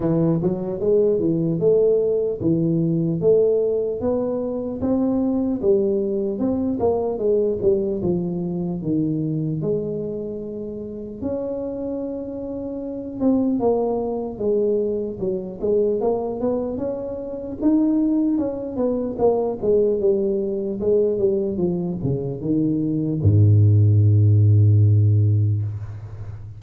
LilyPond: \new Staff \with { instrumentName = "tuba" } { \time 4/4 \tempo 4 = 75 e8 fis8 gis8 e8 a4 e4 | a4 b4 c'4 g4 | c'8 ais8 gis8 g8 f4 dis4 | gis2 cis'2~ |
cis'8 c'8 ais4 gis4 fis8 gis8 | ais8 b8 cis'4 dis'4 cis'8 b8 | ais8 gis8 g4 gis8 g8 f8 cis8 | dis4 gis,2. | }